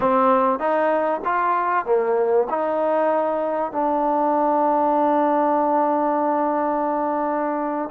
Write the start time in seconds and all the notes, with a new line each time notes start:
0.00 C4
0.59 D#4
1.24 F4
1.85 A#3
2.49 D#4
3.72 D4